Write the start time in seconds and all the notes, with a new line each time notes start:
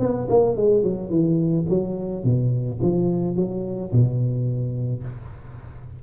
0.00 B3
0.30 A#3
0.57 G#3
0.83 F#3
1.10 E3
1.70 F#3
2.24 B2
2.82 F3
3.36 F#3
3.92 B2